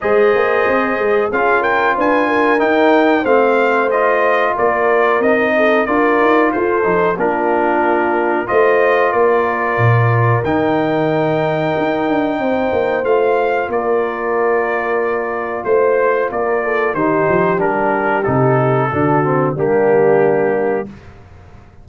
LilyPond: <<
  \new Staff \with { instrumentName = "trumpet" } { \time 4/4 \tempo 4 = 92 dis''2 f''8 g''8 gis''4 | g''4 f''4 dis''4 d''4 | dis''4 d''4 c''4 ais'4~ | ais'4 dis''4 d''2 |
g''1 | f''4 d''2. | c''4 d''4 c''4 ais'4 | a'2 g'2 | }
  \new Staff \with { instrumentName = "horn" } { \time 4/4 c''2 gis'8 ais'8 b'8 ais'8~ | ais'4 c''2 ais'4~ | ais'8 a'8 ais'4 a'4 f'4~ | f'4 c''4 ais'2~ |
ais'2. c''4~ | c''4 ais'2. | c''4 ais'8 a'8 g'2~ | g'4 fis'4 d'2 | }
  \new Staff \with { instrumentName = "trombone" } { \time 4/4 gis'2 f'2 | dis'4 c'4 f'2 | dis'4 f'4. dis'8 d'4~ | d'4 f'2. |
dis'1 | f'1~ | f'2 dis'4 d'4 | dis'4 d'8 c'8 ais2 | }
  \new Staff \with { instrumentName = "tuba" } { \time 4/4 gis8 ais8 c'8 gis8 cis'4 d'4 | dis'4 a2 ais4 | c'4 d'8 dis'8 f'8 f8 ais4~ | ais4 a4 ais4 ais,4 |
dis2 dis'8 d'8 c'8 ais8 | a4 ais2. | a4 ais4 dis8 f8 g4 | c4 d4 g2 | }
>>